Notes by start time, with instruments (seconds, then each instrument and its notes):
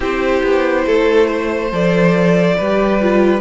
0.00 cello C4, viola E4, violin G4 C5
0.43 cello B3
0.86 cello A3, violin A4
1.27 violin C5
1.72 cello F3, viola A4, violin D5
2.57 cello G3, viola G4, violin B4
3.01 viola F4